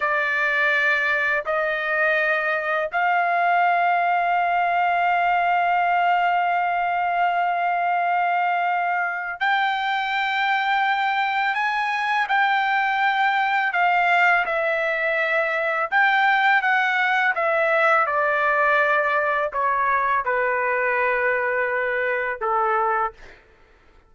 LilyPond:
\new Staff \with { instrumentName = "trumpet" } { \time 4/4 \tempo 4 = 83 d''2 dis''2 | f''1~ | f''1~ | f''4 g''2. |
gis''4 g''2 f''4 | e''2 g''4 fis''4 | e''4 d''2 cis''4 | b'2. a'4 | }